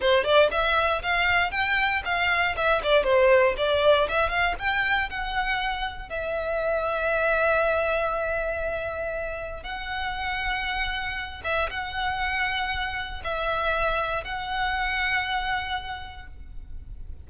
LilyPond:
\new Staff \with { instrumentName = "violin" } { \time 4/4 \tempo 4 = 118 c''8 d''8 e''4 f''4 g''4 | f''4 e''8 d''8 c''4 d''4 | e''8 f''8 g''4 fis''2 | e''1~ |
e''2. fis''4~ | fis''2~ fis''8 e''8 fis''4~ | fis''2 e''2 | fis''1 | }